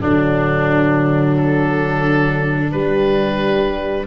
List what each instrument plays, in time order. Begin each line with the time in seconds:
0.00 tuba D3, horn F#3, oboe D4, viola D4
1.37 oboe A4
2.72 tuba G3, horn G3, oboe B4